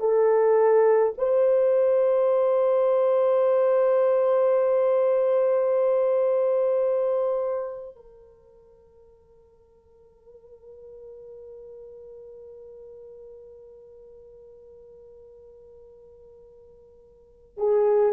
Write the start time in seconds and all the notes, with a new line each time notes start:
0.00 A4
1.18 C5
7.96 A#4
17.58 G#4